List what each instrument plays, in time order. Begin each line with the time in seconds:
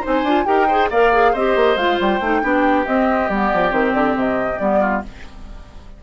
0.00 clarinet D#4, oboe C5
0.06 bassoon C4, flute G#5
0.23 bassoon D4, clarinet F4
0.45 bassoon D#4, clarinet G4, oboe A#4, flute G5
0.67 clarinet G#4, oboe C5
0.90 bassoon A#3, clarinet A#4, oboe D5, flute F5
1.12 clarinet G#4
1.32 bassoon C4, clarinet G4, oboe C5, flute D#5
1.55 bassoon A#3
1.76 bassoon G#3, clarinet F4, flute F5
2.00 bassoon G3, flute G5
2.20 bassoon A3, clarinet D#4
2.42 bassoon B3, clarinet D4, oboe G4
2.86 bassoon C4, clarinet C4, flute D#5
3.29 bassoon G3, clarinet B3, flute D5
3.53 bassoon F3
3.70 bassoon D#3, clarinet C4, flute C5
3.93 bassoon D3, flute D5
4.15 bassoon C3, flute D#5
4.58 bassoon G3, clarinet B3, flute D5
4.80 oboe F4